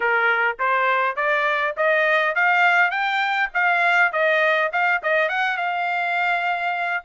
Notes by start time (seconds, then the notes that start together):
0.00 A#4
0.59 C5
1.16 D5
1.76 D#5
2.35 F5
2.90 G5
3.54 F5
4.12 D#5
4.72 F5
5.02 D#5
5.28 F#5
5.57 F5